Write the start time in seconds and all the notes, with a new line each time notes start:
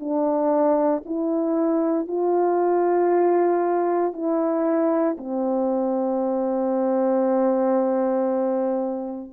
0.00 D4
1.06 E4
2.08 F4
4.13 E4
5.18 C4